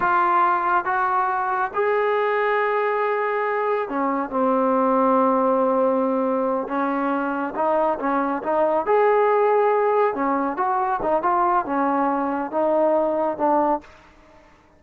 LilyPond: \new Staff \with { instrumentName = "trombone" } { \time 4/4 \tempo 4 = 139 f'2 fis'2 | gis'1~ | gis'4 cis'4 c'2~ | c'2.~ c'8 cis'8~ |
cis'4. dis'4 cis'4 dis'8~ | dis'8 gis'2. cis'8~ | cis'8 fis'4 dis'8 f'4 cis'4~ | cis'4 dis'2 d'4 | }